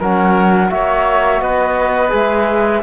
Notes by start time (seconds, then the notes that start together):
0.00 F#3 C#4 A#4 F#5
0.70 A#3 F#4 C#5 E5
1.41 B3 B4 D#5
2.10 G#3 G#4 E5